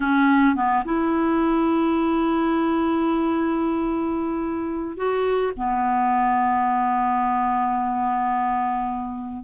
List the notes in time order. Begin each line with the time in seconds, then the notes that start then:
0.00 C#4
0.55 B3
0.85 E4
4.96 F#4
5.56 B3